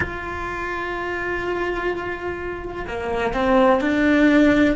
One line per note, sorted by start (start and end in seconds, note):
0.00 2.85 F4
2.87 3.33 A#3
3.33 3.81 C4
3.81 4.76 D4